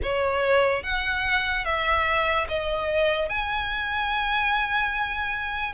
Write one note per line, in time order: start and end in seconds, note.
0.02 0.83 C#5
0.83 1.64 F#5
1.64 2.47 E5
2.48 3.29 D#5
3.29 5.73 G#5